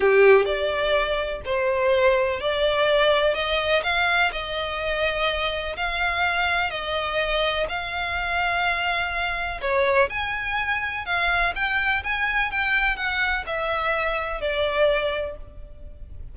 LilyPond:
\new Staff \with { instrumentName = "violin" } { \time 4/4 \tempo 4 = 125 g'4 d''2 c''4~ | c''4 d''2 dis''4 | f''4 dis''2. | f''2 dis''2 |
f''1 | cis''4 gis''2 f''4 | g''4 gis''4 g''4 fis''4 | e''2 d''2 | }